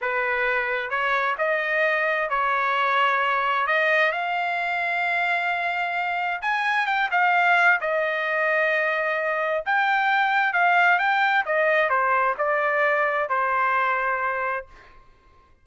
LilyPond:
\new Staff \with { instrumentName = "trumpet" } { \time 4/4 \tempo 4 = 131 b'2 cis''4 dis''4~ | dis''4 cis''2. | dis''4 f''2.~ | f''2 gis''4 g''8 f''8~ |
f''4 dis''2.~ | dis''4 g''2 f''4 | g''4 dis''4 c''4 d''4~ | d''4 c''2. | }